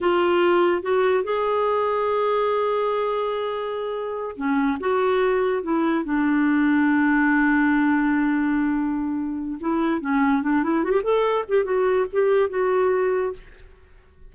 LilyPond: \new Staff \with { instrumentName = "clarinet" } { \time 4/4 \tempo 4 = 144 f'2 fis'4 gis'4~ | gis'1~ | gis'2~ gis'8 cis'4 fis'8~ | fis'4. e'4 d'4.~ |
d'1~ | d'2. e'4 | cis'4 d'8 e'8 fis'16 g'16 a'4 g'8 | fis'4 g'4 fis'2 | }